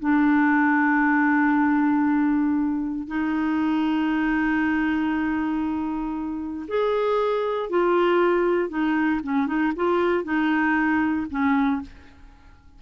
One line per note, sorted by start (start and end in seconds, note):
0.00 3.08 D4
3.08 6.67 D#4
6.68 7.70 G#4
7.70 8.70 F4
8.70 9.21 D#4
9.23 9.47 C#4
9.47 9.73 D#4
9.76 10.24 F4
10.24 11.27 D#4
11.31 11.82 C#4